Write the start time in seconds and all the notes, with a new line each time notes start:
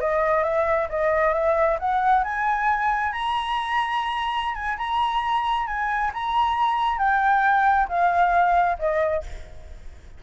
0.00 D#5
0.43 E5
0.89 D#5
1.33 E5
1.79 F#5
2.23 G#5
3.12 A#5
4.55 G#5
4.77 A#5
5.66 G#5
6.13 A#5
6.98 G5
7.88 F5
8.78 D#5